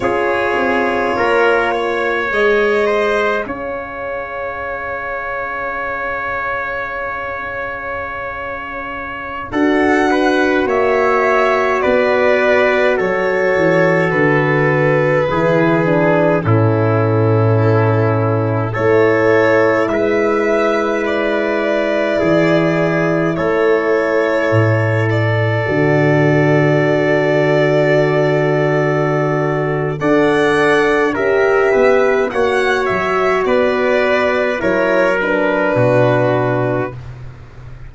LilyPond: <<
  \new Staff \with { instrumentName = "violin" } { \time 4/4 \tempo 4 = 52 cis''2 dis''4 f''4~ | f''1~ | f''16 fis''4 e''4 d''4 cis''8.~ | cis''16 b'2 a'4.~ a'16~ |
a'16 cis''4 e''4 d''4.~ d''16~ | d''16 cis''4. d''2~ d''16~ | d''2 fis''4 e''4 | fis''8 e''8 d''4 cis''8 b'4. | }
  \new Staff \with { instrumentName = "trumpet" } { \time 4/4 gis'4 ais'8 cis''4 c''8 cis''4~ | cis''1~ | cis''16 a'8 b'8 cis''4 b'4 a'8.~ | a'4~ a'16 gis'4 e'4.~ e'16~ |
e'16 a'4 b'2 gis'8.~ | gis'16 a'2.~ a'8.~ | a'2 d''4 ais'8 b'8 | cis''4 b'4 ais'4 fis'4 | }
  \new Staff \with { instrumentName = "horn" } { \time 4/4 f'2 gis'2~ | gis'1~ | gis'16 fis'2.~ fis'8.~ | fis'4~ fis'16 e'8 d'8 cis'4.~ cis'16~ |
cis'16 e'2.~ e'8.~ | e'2~ e'16 fis'4.~ fis'16~ | fis'2 a'4 g'4 | fis'2 e'8 d'4. | }
  \new Staff \with { instrumentName = "tuba" } { \time 4/4 cis'8 c'8 ais4 gis4 cis'4~ | cis'1~ | cis'16 d'4 ais4 b4 fis8 e16~ | e16 d4 e4 a,4.~ a,16~ |
a,16 a4 gis2 e8.~ | e16 a4 a,4 d4.~ d16~ | d2 d'4 cis'8 b8 | ais8 fis8 b4 fis4 b,4 | }
>>